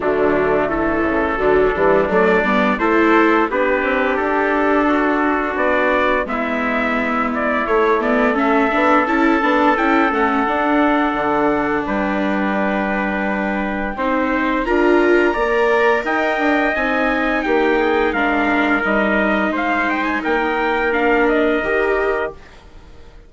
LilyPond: <<
  \new Staff \with { instrumentName = "trumpet" } { \time 4/4 \tempo 4 = 86 d'4 a'2 d''4 | c''4 b'4 a'2 | d''4 e''4. d''8 cis''8 d''8 | e''4 a''4 g''8 fis''4.~ |
fis''4 g''2.~ | g''4 ais''2 g''4 | gis''4 g''4 f''4 dis''4 | f''8 g''16 gis''16 g''4 f''8 dis''4. | }
  \new Staff \with { instrumentName = "trumpet" } { \time 4/4 a2 d'2 | a'4 g'2 fis'4~ | fis'4 e'2. | a'1~ |
a'4 b'2. | c''4 ais'4 d''4 dis''4~ | dis''4 g'8 gis'8 ais'2 | c''4 ais'2. | }
  \new Staff \with { instrumentName = "viola" } { \time 4/4 fis4 e4 fis8 g8 a8 b8 | e'4 d'2.~ | d'4 b2 a8 b8 | cis'8 d'8 e'8 d'8 e'8 cis'8 d'4~ |
d'1 | dis'4 f'4 ais'2 | dis'2 d'4 dis'4~ | dis'2 d'4 g'4 | }
  \new Staff \with { instrumentName = "bassoon" } { \time 4/4 d4. cis8 d8 e8 fis8 g8 | a4 b8 c'8 d'2 | b4 gis2 a4~ | a8 b8 cis'8 b8 cis'8 a8 d'4 |
d4 g2. | c'4 d'4 ais4 dis'8 d'8 | c'4 ais4 gis4 g4 | gis4 ais2 dis4 | }
>>